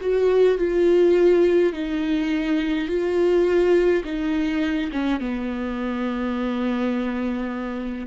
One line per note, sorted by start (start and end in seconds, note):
0.00 0.58 F#4
0.58 1.73 F4
1.73 2.87 D#4
2.87 4.03 F4
4.04 4.90 D#4
4.91 5.20 C#4
5.20 8.06 B3